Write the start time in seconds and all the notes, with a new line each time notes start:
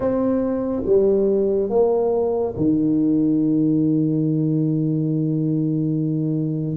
0.00 C4
0.85 G3
1.69 A#3
2.56 D#3